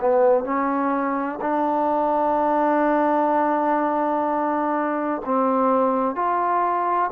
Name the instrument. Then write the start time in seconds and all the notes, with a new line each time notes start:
trombone
0.00 B3
0.44 C#4
1.41 D4
5.25 C4
6.15 F4